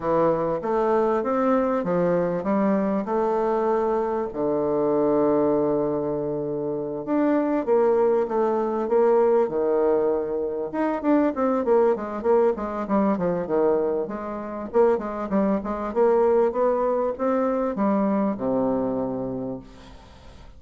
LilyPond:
\new Staff \with { instrumentName = "bassoon" } { \time 4/4 \tempo 4 = 98 e4 a4 c'4 f4 | g4 a2 d4~ | d2.~ d8 d'8~ | d'8 ais4 a4 ais4 dis8~ |
dis4. dis'8 d'8 c'8 ais8 gis8 | ais8 gis8 g8 f8 dis4 gis4 | ais8 gis8 g8 gis8 ais4 b4 | c'4 g4 c2 | }